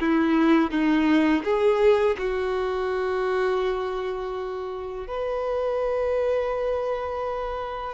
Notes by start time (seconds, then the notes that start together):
0.00 E4
0.71 D#4
1.44 G#4
2.18 F#4
5.07 B4